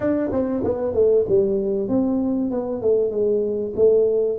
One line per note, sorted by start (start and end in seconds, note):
0.00 0.30 D4
0.32 0.63 C4
0.64 0.94 B3
0.94 1.25 A3
1.28 1.88 G3
1.88 2.50 C4
2.50 2.81 B3
2.81 3.11 A3
3.11 3.73 G#3
3.76 4.38 A3